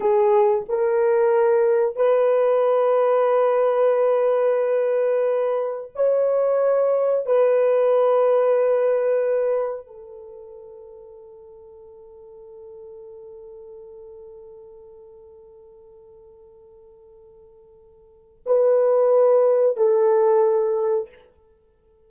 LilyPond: \new Staff \with { instrumentName = "horn" } { \time 4/4 \tempo 4 = 91 gis'4 ais'2 b'4~ | b'1~ | b'4 cis''2 b'4~ | b'2. a'4~ |
a'1~ | a'1~ | a'1 | b'2 a'2 | }